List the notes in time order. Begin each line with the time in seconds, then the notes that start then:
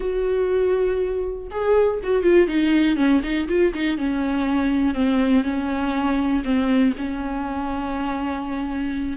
0.00 F#4
1.51 G#4
2.03 F#4
2.22 F4
2.47 D#4
2.96 C#4
3.23 D#4
3.48 F4
3.73 D#4
3.97 C#4
4.94 C4
5.44 C#4
6.44 C4
6.97 C#4